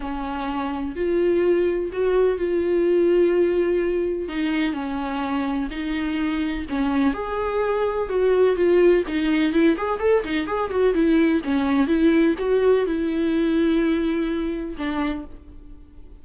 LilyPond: \new Staff \with { instrumentName = "viola" } { \time 4/4 \tempo 4 = 126 cis'2 f'2 | fis'4 f'2.~ | f'4 dis'4 cis'2 | dis'2 cis'4 gis'4~ |
gis'4 fis'4 f'4 dis'4 | e'8 gis'8 a'8 dis'8 gis'8 fis'8 e'4 | cis'4 e'4 fis'4 e'4~ | e'2. d'4 | }